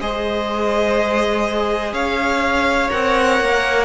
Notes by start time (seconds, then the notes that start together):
0.00 G#3 G#4 C5 D#5
1.92 C#4 C#5 F5
2.90 C4 A#4 F#5
3.39 A#3